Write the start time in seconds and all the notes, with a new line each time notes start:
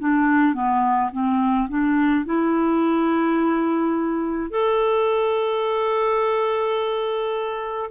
0.00 D4
0.54 B3
1.13 C4
1.69 D4
2.25 E4
4.51 A4